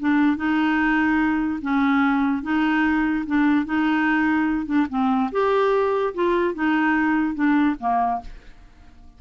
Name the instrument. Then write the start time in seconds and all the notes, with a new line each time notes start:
clarinet
0.00 D4
0.37 D#4
1.62 C#4
2.43 D#4
3.26 D4
3.65 D#4
4.66 D4
4.89 C4
5.32 G4
6.14 F4
6.54 D#4
7.34 D4
7.80 A#3